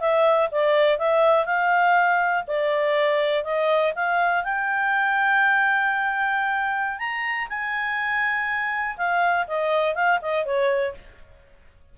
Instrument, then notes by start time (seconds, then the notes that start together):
clarinet
0.00 E5
0.51 D5
0.98 E5
1.46 F5
2.47 D5
3.44 D#5
3.95 F5
4.44 G5
6.99 A#5
7.49 G#5
8.97 F5
9.47 D#5
9.95 F5
10.22 D#5
10.45 C#5